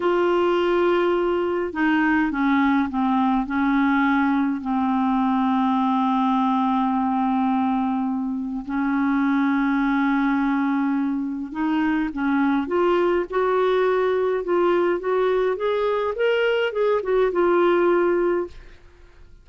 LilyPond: \new Staff \with { instrumentName = "clarinet" } { \time 4/4 \tempo 4 = 104 f'2. dis'4 | cis'4 c'4 cis'2 | c'1~ | c'2. cis'4~ |
cis'1 | dis'4 cis'4 f'4 fis'4~ | fis'4 f'4 fis'4 gis'4 | ais'4 gis'8 fis'8 f'2 | }